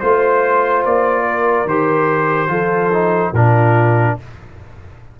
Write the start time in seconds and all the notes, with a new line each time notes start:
0.00 A3 F4 C5
0.85 A#3 D5
1.26 A#4
1.65 D#3 G4 C5
2.48 F3 F4 A4
2.93 D#4
3.32 A#2 D4 F4 A#4